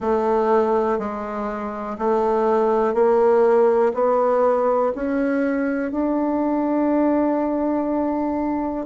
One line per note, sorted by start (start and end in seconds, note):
0.00 0.98 A3
0.98 1.97 G#3
1.98 2.94 A3
2.94 3.92 A#3
3.93 4.92 B3
4.94 5.91 C#4
5.91 8.85 D4